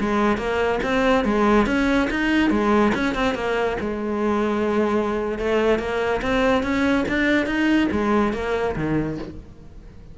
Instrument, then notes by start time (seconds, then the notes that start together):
cello
0.00 G#3
0.38 A#3
0.83 C4
1.25 G#3
1.67 C#4
2.11 D#4
2.50 G#3
2.95 C#4
3.15 C4
3.35 A#3
3.80 G#3
5.39 A3
5.79 A#3
6.22 C4
6.63 C#4
7.09 D4
7.47 D#4
7.92 G#3
8.34 A#3
8.76 D#3